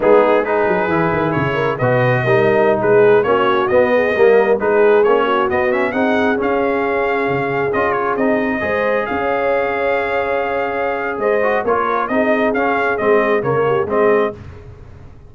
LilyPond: <<
  \new Staff \with { instrumentName = "trumpet" } { \time 4/4 \tempo 4 = 134 gis'4 b'2 cis''4 | dis''2~ dis''16 b'4 cis''8.~ | cis''16 dis''2 b'4 cis''8.~ | cis''16 dis''8 e''8 fis''4 f''4.~ f''16~ |
f''4~ f''16 dis''8 cis''8 dis''4.~ dis''16~ | dis''16 f''2.~ f''8.~ | f''4 dis''4 cis''4 dis''4 | f''4 dis''4 cis''4 dis''4 | }
  \new Staff \with { instrumentName = "horn" } { \time 4/4 dis'4 gis'2~ gis'8 ais'8 | b'4 ais'4~ ais'16 gis'4 fis'8.~ | fis'8. gis'8 ais'4 gis'4. fis'16~ | fis'4~ fis'16 gis'2~ gis'8.~ |
gis'2.~ gis'16 c''8.~ | c''16 cis''2.~ cis''8.~ | cis''4 c''4 ais'4 gis'4~ | gis'2 ais'8 g'8 gis'4 | }
  \new Staff \with { instrumentName = "trombone" } { \time 4/4 b4 dis'4 e'2 | fis'4 dis'2~ dis'16 cis'8.~ | cis'16 b4 ais4 dis'4 cis'8.~ | cis'16 b8 cis'8 dis'4 cis'4.~ cis'16~ |
cis'4~ cis'16 f'4 dis'4 gis'8.~ | gis'1~ | gis'4. fis'8 f'4 dis'4 | cis'4 c'4 ais4 c'4 | }
  \new Staff \with { instrumentName = "tuba" } { \time 4/4 gis4. fis8 e8 dis8 cis4 | b,4 g4~ g16 gis4 ais8.~ | ais16 b4 g4 gis4 ais8.~ | ais16 b4 c'4 cis'4.~ cis'16~ |
cis'16 cis4 cis'4 c'4 gis8.~ | gis16 cis'2.~ cis'8.~ | cis'4 gis4 ais4 c'4 | cis'4 gis4 cis4 gis4 | }
>>